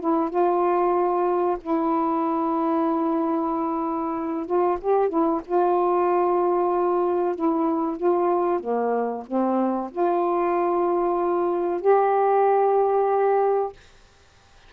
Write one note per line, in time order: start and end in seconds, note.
0.00 0.30 E4
0.30 1.57 F4
1.61 4.46 E4
4.46 4.78 F4
4.81 5.09 G4
5.09 5.41 E4
5.45 7.35 F4
7.35 7.97 E4
7.97 8.60 F4
8.60 9.23 A#3
9.27 9.91 C4
9.91 11.81 F4
11.81 13.72 G4